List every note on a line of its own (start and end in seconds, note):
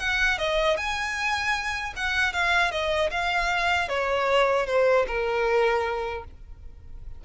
0.00 0.39 F#5
0.39 0.78 D#5
0.78 1.94 G#5
1.97 2.34 F#5
2.34 2.72 F5
2.72 3.11 D#5
3.11 3.89 F5
3.89 4.67 C#5
4.67 5.06 C5
5.08 6.24 A#4